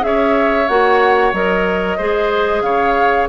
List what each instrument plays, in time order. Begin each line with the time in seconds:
0.00 bassoon C#4, clarinet G#4, oboe C#5, flute E5
0.68 bassoon A#3, clarinet F#4, flute F#5
1.33 bassoon F#3, clarinet A#4, flute D#5
1.97 bassoon G#3, clarinet G#4, oboe C5
2.62 bassoon C#3, oboe C#5, flute F5